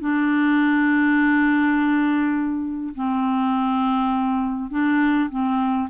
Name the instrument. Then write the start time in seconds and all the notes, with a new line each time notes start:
clarinet
0.00 D4
2.95 C4
4.70 D4
5.30 C4